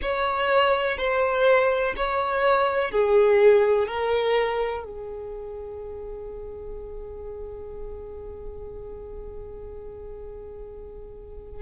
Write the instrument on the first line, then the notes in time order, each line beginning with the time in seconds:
violin
0.01 C#5
0.97 C5
1.96 C#5
2.91 G#4
3.87 A#4
4.84 G#4